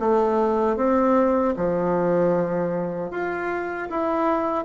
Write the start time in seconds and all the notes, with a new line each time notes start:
0.00 A3
0.77 C4
1.57 F3
3.11 F4
3.90 E4